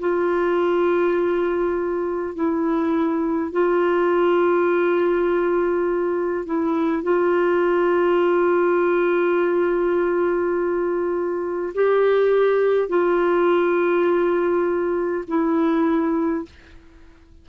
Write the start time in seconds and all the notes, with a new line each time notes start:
0.00 F4
2.35 E4
3.52 F4
6.46 E4
7.03 F4
11.75 G4
12.89 F4
15.28 E4